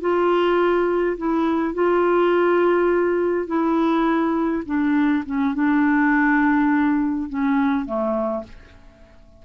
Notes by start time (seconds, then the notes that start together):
0.00 F4
1.17 E4
1.74 F4
3.46 E4
4.65 D4
5.25 C#4
5.54 D4
7.29 C#4
7.85 A3